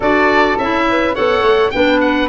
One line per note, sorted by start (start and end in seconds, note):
0.00 0.55 D4
0.00 0.58 F#4
0.00 0.84 A4
0.00 0.58 D5
0.58 1.15 C#4
0.58 1.14 E4
0.58 1.15 E5
0.89 1.14 B4
1.14 1.41 B3
1.14 1.72 A4
1.14 1.72 C#5
1.14 1.71 F#5
1.41 1.70 A3
1.71 2.29 B3
1.71 2.29 D4
1.71 2.29 B4
1.71 1.99 G5
2.00 2.29 F#5